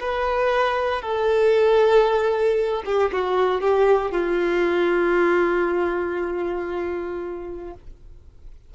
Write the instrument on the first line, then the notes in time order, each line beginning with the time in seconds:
violin
0.00 B4
1.02 A4
2.85 G4
3.12 F#4
3.61 G4
4.11 F4